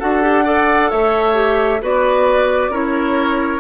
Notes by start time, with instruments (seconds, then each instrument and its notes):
0.00 bassoon D4, clarinet F#4, oboe A4, flute F#5
0.23 clarinet G4
0.45 clarinet A4, oboe D5
0.91 bassoon A3, oboe C#5, flute E5
1.34 clarinet G4
1.82 bassoon B3, clarinet F#4, oboe B4, flute D5
2.70 bassoon C#4, clarinet E4, oboe A#4, flute C#5